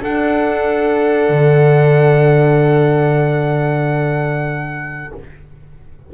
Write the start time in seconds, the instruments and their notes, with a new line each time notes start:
0.00 horn D4, double bass D4, viola A4, trumpet F#5
1.29 double bass D3